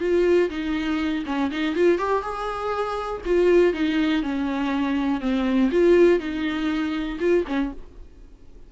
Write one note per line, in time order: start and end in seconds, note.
0.00 0.50 F4
0.50 1.24 D#4
1.26 1.50 C#4
1.51 1.76 D#4
1.76 1.98 F4
1.98 2.22 G4
2.22 3.21 G#4
3.25 3.73 F4
3.73 4.23 D#4
4.23 5.21 C#4
5.21 5.70 C4
5.72 6.19 F4
6.19 7.18 D#4
7.20 7.45 F4
7.48 7.72 C#4